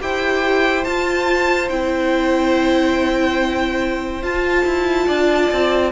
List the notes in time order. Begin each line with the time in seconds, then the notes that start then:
0.00 E4 G4 C5 G5
0.84 F4 A5
1.69 C4 E4 G5
4.22 F4 A5
4.65 E4
5.07 D4 D5
5.52 C4